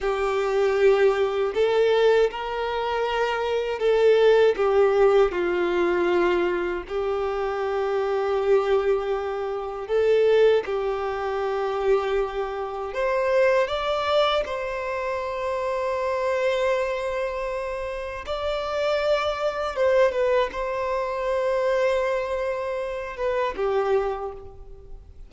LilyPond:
\new Staff \with { instrumentName = "violin" } { \time 4/4 \tempo 4 = 79 g'2 a'4 ais'4~ | ais'4 a'4 g'4 f'4~ | f'4 g'2.~ | g'4 a'4 g'2~ |
g'4 c''4 d''4 c''4~ | c''1 | d''2 c''8 b'8 c''4~ | c''2~ c''8 b'8 g'4 | }